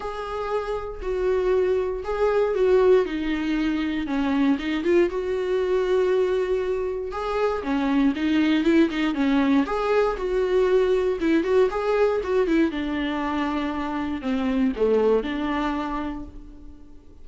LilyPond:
\new Staff \with { instrumentName = "viola" } { \time 4/4 \tempo 4 = 118 gis'2 fis'2 | gis'4 fis'4 dis'2 | cis'4 dis'8 f'8 fis'2~ | fis'2 gis'4 cis'4 |
dis'4 e'8 dis'8 cis'4 gis'4 | fis'2 e'8 fis'8 gis'4 | fis'8 e'8 d'2. | c'4 a4 d'2 | }